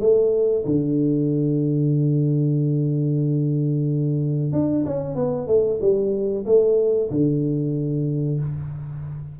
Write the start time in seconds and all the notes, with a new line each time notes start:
0.00 A3
0.65 D3
4.52 D4
4.86 C#4
5.15 B3
5.48 A3
5.81 G3
6.46 A3
7.11 D3